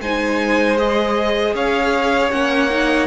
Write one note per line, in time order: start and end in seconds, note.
0.00 1.54 G#3
0.00 0.78 D#4
0.00 1.55 C5
0.00 0.77 G#5
0.77 2.30 G#4
0.77 1.54 D#5
1.54 2.31 C#4
1.54 3.07 C#5
1.54 2.31 F5
2.30 3.07 A#3
2.30 2.69 C#4
2.30 3.07 F#5
2.70 3.07 D#4